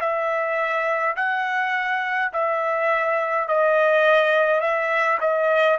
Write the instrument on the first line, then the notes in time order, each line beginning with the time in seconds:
trumpet
0.00 E5
1.16 F#5
2.33 E5
3.48 D#5
4.60 E5
5.20 D#5